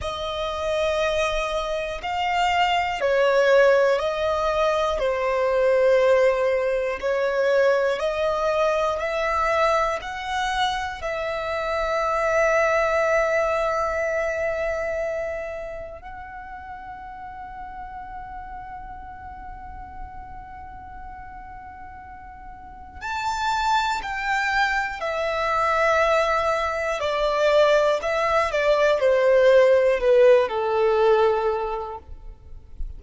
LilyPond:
\new Staff \with { instrumentName = "violin" } { \time 4/4 \tempo 4 = 60 dis''2 f''4 cis''4 | dis''4 c''2 cis''4 | dis''4 e''4 fis''4 e''4~ | e''1 |
fis''1~ | fis''2. a''4 | g''4 e''2 d''4 | e''8 d''8 c''4 b'8 a'4. | }